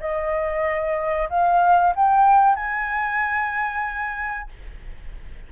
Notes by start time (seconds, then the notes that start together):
0.00 D#5
1.30 F5
1.96 G5
2.56 G#5